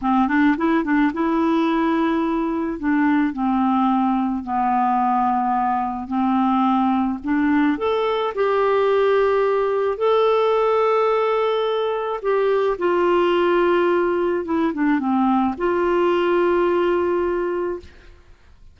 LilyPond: \new Staff \with { instrumentName = "clarinet" } { \time 4/4 \tempo 4 = 108 c'8 d'8 e'8 d'8 e'2~ | e'4 d'4 c'2 | b2. c'4~ | c'4 d'4 a'4 g'4~ |
g'2 a'2~ | a'2 g'4 f'4~ | f'2 e'8 d'8 c'4 | f'1 | }